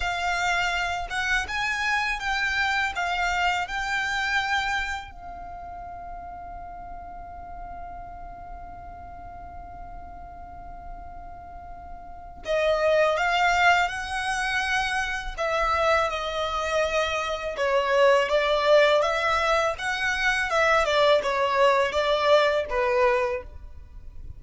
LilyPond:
\new Staff \with { instrumentName = "violin" } { \time 4/4 \tempo 4 = 82 f''4. fis''8 gis''4 g''4 | f''4 g''2 f''4~ | f''1~ | f''1~ |
f''4 dis''4 f''4 fis''4~ | fis''4 e''4 dis''2 | cis''4 d''4 e''4 fis''4 | e''8 d''8 cis''4 d''4 b'4 | }